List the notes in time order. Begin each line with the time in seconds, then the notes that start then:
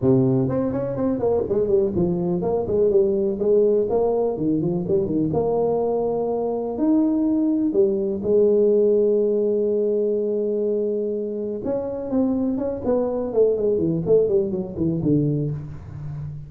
0.01 C3
0.48 C4
0.72 C#4
0.96 C4
1.19 A#3
1.49 G#3
1.68 G3
1.95 F3
2.41 A#3
2.67 G#3
2.90 G3
3.39 G#3
3.89 A#3
4.37 D#3
4.61 F3
4.88 G3
5.06 D#3
5.33 A#3
6.78 D#4
7.72 G3
8.23 G#3
11.64 C#4
12.10 C4
12.57 C#4
12.84 B3
13.33 A3
13.57 G#3
13.78 E3
14.06 A3
14.28 G3
14.51 F#3
14.76 E3
15.02 D3